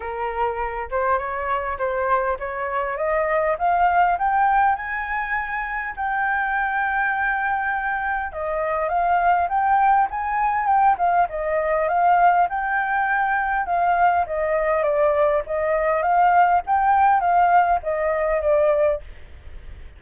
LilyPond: \new Staff \with { instrumentName = "flute" } { \time 4/4 \tempo 4 = 101 ais'4. c''8 cis''4 c''4 | cis''4 dis''4 f''4 g''4 | gis''2 g''2~ | g''2 dis''4 f''4 |
g''4 gis''4 g''8 f''8 dis''4 | f''4 g''2 f''4 | dis''4 d''4 dis''4 f''4 | g''4 f''4 dis''4 d''4 | }